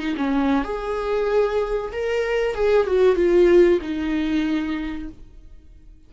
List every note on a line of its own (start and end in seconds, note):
0.00 0.16 D#4
0.17 0.65 C#4
0.65 1.92 G#4
1.93 2.55 A#4
2.55 2.87 G#4
2.87 3.16 F#4
3.16 3.80 F4
3.82 5.09 D#4